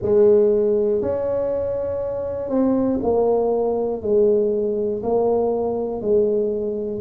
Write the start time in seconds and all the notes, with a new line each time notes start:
0.02 G#3
1.01 C#4
2.49 C4
3.02 A#3
4.01 G#3
5.02 A#3
6.00 G#3